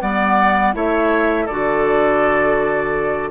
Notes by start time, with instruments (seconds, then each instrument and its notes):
0.00 bassoon G3, clarinet B3, oboe D5, flute F#5
0.73 bassoon A3, clarinet E4, oboe C#5, flute E5
1.45 bassoon D3, clarinet F#4, oboe A4, flute D5